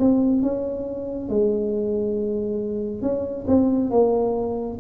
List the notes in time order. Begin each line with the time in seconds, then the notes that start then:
0.00 C4
0.43 C#4
1.30 G#3
3.02 C#4
3.48 C4
3.91 A#3